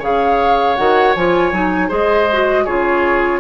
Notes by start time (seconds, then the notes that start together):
0.00 C#3 G#4 C#5 F5
0.76 D#3 F#4 F#5
1.16 F3 F4 G#5
1.52 F#3 D#4
1.88 G#3 G#4 C5 D#5
2.32 F#4
2.65 C#3 F4 G#4 C#5